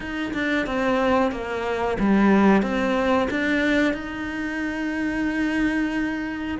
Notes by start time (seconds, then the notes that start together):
0.00 D#4
0.33 D4
0.66 C4
1.31 A#3
1.99 G3
2.62 C4
3.30 D4
3.93 D#4